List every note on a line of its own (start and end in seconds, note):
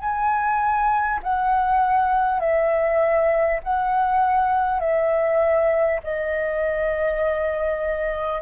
0.00 1.20 G#5
1.23 2.40 F#5
2.40 3.60 E5
3.64 4.80 F#5
4.80 6.00 E5
6.04 8.42 D#5